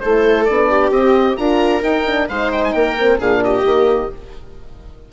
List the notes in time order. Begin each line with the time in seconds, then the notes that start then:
0.00 A3 E4 A4 C5
0.45 B3 D4 D5
0.70 G4
0.90 C4 D#5
1.37 D4 F4 A#4 A#5
1.83 D#4 G5
2.07 D4
2.29 G#3 D#4 C5 F5
2.52 G5
2.64 G#5
2.73 A#3 A#4 G5
2.99 C4
3.19 A#2 D4 G#4 F5
3.44 G4 D#5
3.65 D#3 A#3